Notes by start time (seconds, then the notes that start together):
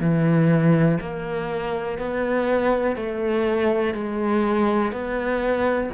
0.00 E3
1.00 A#3
1.98 B3
2.96 A3
3.94 G#3
4.92 B3